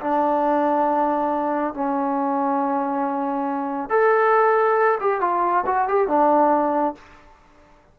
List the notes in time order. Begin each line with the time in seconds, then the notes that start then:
0.00 D4
1.74 C#4
3.89 A4
5.00 G4
5.20 F4
5.66 F#4
5.87 G4
6.08 D4